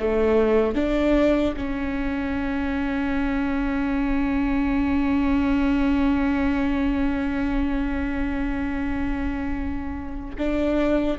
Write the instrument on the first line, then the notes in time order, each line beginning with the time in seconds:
viola
0.00 A3
0.75 D4
1.57 C#4
10.39 D4